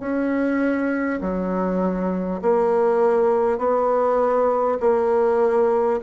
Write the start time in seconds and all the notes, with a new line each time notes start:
0.00 C#4
1.21 F#3
2.42 A#3
3.58 B3
4.81 A#3